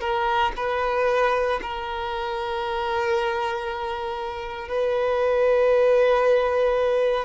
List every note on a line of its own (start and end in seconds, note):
0.00 0.52 A#4
0.56 1.59 B4
1.62 4.68 A#4
4.68 7.25 B4